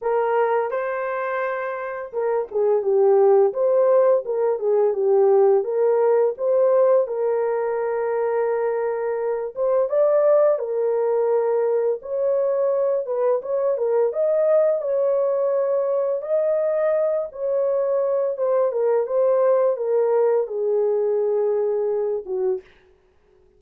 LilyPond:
\new Staff \with { instrumentName = "horn" } { \time 4/4 \tempo 4 = 85 ais'4 c''2 ais'8 gis'8 | g'4 c''4 ais'8 gis'8 g'4 | ais'4 c''4 ais'2~ | ais'4. c''8 d''4 ais'4~ |
ais'4 cis''4. b'8 cis''8 ais'8 | dis''4 cis''2 dis''4~ | dis''8 cis''4. c''8 ais'8 c''4 | ais'4 gis'2~ gis'8 fis'8 | }